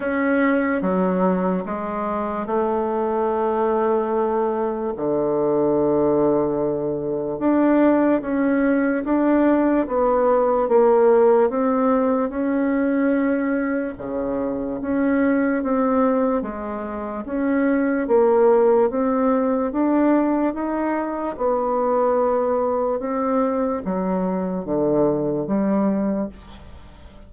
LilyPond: \new Staff \with { instrumentName = "bassoon" } { \time 4/4 \tempo 4 = 73 cis'4 fis4 gis4 a4~ | a2 d2~ | d4 d'4 cis'4 d'4 | b4 ais4 c'4 cis'4~ |
cis'4 cis4 cis'4 c'4 | gis4 cis'4 ais4 c'4 | d'4 dis'4 b2 | c'4 fis4 d4 g4 | }